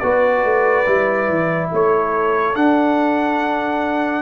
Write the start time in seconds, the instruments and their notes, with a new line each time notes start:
0.00 tuba B3, trombone F#4, horn B4, trumpet D5
0.44 tuba A3
0.86 tuba G3, trombone E4
1.29 tuba E3
1.71 tuba A3, horn A4, trumpet C#5
2.55 tuba D4, trombone D4, trumpet F#5